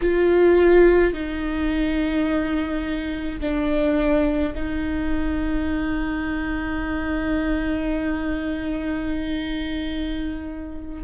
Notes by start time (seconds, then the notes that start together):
0.01 F4
1.13 D#4
3.40 D4
4.54 D#4